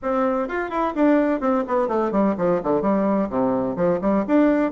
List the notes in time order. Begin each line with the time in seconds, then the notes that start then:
0.02 C4
0.48 F4
0.70 E4
0.95 D4
1.40 C4
1.67 B3
1.87 A3
2.11 G3
2.37 F3
2.63 D3
2.81 G3
3.29 C3
3.76 F3
4.01 G3
4.27 D4